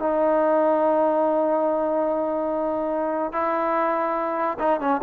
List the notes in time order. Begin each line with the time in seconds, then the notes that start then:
0.00 D#4
3.33 E4
4.60 D#4
4.81 C#4